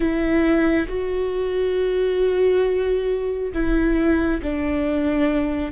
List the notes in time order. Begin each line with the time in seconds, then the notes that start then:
0.00 E4
0.88 F#4
3.53 E4
4.42 D4